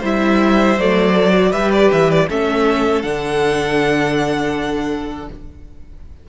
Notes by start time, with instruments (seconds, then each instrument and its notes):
0.00 cello G3, viola E4, violin C5
0.06 violin E5
0.78 cello F#3, viola A3, violin D5
1.13 viola A4
1.34 viola F#4
1.51 cello G3, viola G4, violin B4 E5
1.73 violin D5
1.93 cello E3, violin E5
2.11 violin D5
2.30 cello A3, viola C#4, violin A4 E5
3.03 cello D3, viola D4, violin F#5